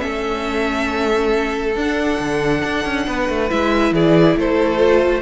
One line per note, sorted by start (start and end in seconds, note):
0.00 1.76 A3
0.00 1.74 C#4
0.00 3.08 A4
0.00 1.74 E5
1.76 2.19 D4
1.76 3.50 D4
1.76 3.50 F#5
2.20 2.63 D3
2.64 2.86 D4
2.86 3.07 C#4
3.08 3.29 B3
3.08 3.94 B4
3.29 3.51 A3
3.50 3.92 G#3
3.50 4.78 E4
3.50 3.94 E5
3.92 4.35 E3
3.92 4.37 G#4
3.92 4.39 D5
4.37 5.22 A3
4.37 5.22 A4
4.37 5.22 C5
4.78 5.22 F4